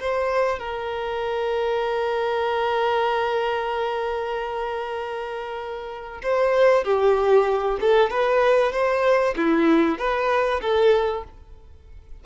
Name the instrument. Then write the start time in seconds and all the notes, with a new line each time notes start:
violin
0.00 C5
0.59 A#4
6.23 C5
6.84 G4
7.81 A4
8.11 B4
8.72 C5
9.37 E4
9.98 B4
10.62 A4